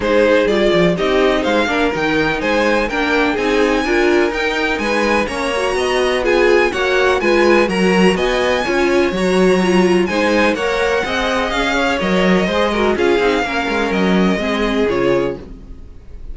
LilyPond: <<
  \new Staff \with { instrumentName = "violin" } { \time 4/4 \tempo 4 = 125 c''4 d''4 dis''4 f''4 | g''4 gis''4 g''4 gis''4~ | gis''4 g''4 gis''4 ais''4~ | ais''4 gis''4 fis''4 gis''4 |
ais''4 gis''2 ais''4~ | ais''4 gis''4 fis''2 | f''4 dis''2 f''4~ | f''4 dis''2 cis''4 | }
  \new Staff \with { instrumentName = "violin" } { \time 4/4 gis'2 g'4 c''8 ais'8~ | ais'4 c''4 ais'4 gis'4 | ais'2 b'4 cis''4 | dis''4 gis'4 cis''4 b'4 |
ais'4 dis''4 cis''2~ | cis''4 c''4 cis''4 dis''4~ | dis''8 cis''4. c''8 ais'8 gis'4 | ais'2 gis'2 | }
  \new Staff \with { instrumentName = "viola" } { \time 4/4 dis'4 f'4 dis'4. d'8 | dis'2 d'4 dis'4 | f'4 dis'2 cis'8 fis'8~ | fis'4 f'4 fis'4 f'4 |
fis'2 f'4 fis'4 | f'4 dis'4 ais'4 gis'4~ | gis'4 ais'4 gis'8 fis'8 f'8 dis'8 | cis'2 c'4 f'4 | }
  \new Staff \with { instrumentName = "cello" } { \time 4/4 gis4 g8 f8 c'4 gis8 ais8 | dis4 gis4 ais4 c'4 | d'4 dis'4 gis4 ais4 | b2 ais4 gis4 |
fis4 b4 cis'4 fis4~ | fis4 gis4 ais4 c'4 | cis'4 fis4 gis4 cis'8 c'8 | ais8 gis8 fis4 gis4 cis4 | }
>>